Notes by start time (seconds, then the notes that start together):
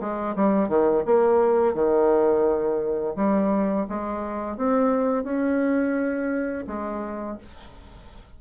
0.00 G#3
0.36 G3
0.68 D#3
1.05 A#3
1.74 D#3
3.15 G3
3.89 G#3
4.57 C4
5.24 C#4
6.67 G#3